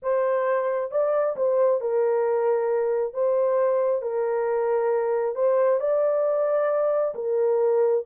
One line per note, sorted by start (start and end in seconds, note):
0.02 0.91 C5
0.91 1.36 D5
1.36 1.80 C5
1.80 3.13 A#4
3.13 4.02 C5
4.02 5.35 A#4
5.35 5.80 C5
5.80 7.14 D5
7.14 8.04 A#4